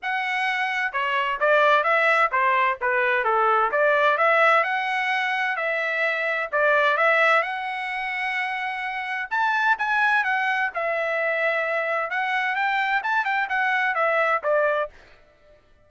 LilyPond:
\new Staff \with { instrumentName = "trumpet" } { \time 4/4 \tempo 4 = 129 fis''2 cis''4 d''4 | e''4 c''4 b'4 a'4 | d''4 e''4 fis''2 | e''2 d''4 e''4 |
fis''1 | a''4 gis''4 fis''4 e''4~ | e''2 fis''4 g''4 | a''8 g''8 fis''4 e''4 d''4 | }